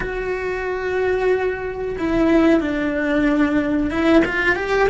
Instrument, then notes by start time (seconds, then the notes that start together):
cello
0.00 F#4
1.98 E4
2.60 D4
3.90 E4
4.25 F4
4.55 G4